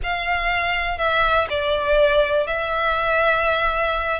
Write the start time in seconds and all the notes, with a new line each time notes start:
0.03 F5
0.98 E5
1.49 D5
2.47 E5